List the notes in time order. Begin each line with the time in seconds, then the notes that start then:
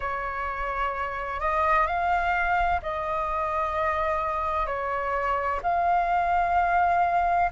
0.00 C#5
1.40 D#5
1.86 F5
2.82 D#5
4.66 C#5
5.62 F5